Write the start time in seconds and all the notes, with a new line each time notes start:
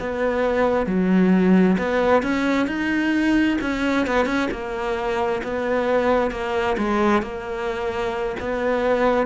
0.00 B3
0.86 F#3
1.79 B3
2.23 C#4
2.67 D#4
3.61 C#4
4.07 B3
4.26 C#4
4.51 A#3
5.43 B3
6.31 A#3
6.78 G#3
7.22 A#3
8.40 B3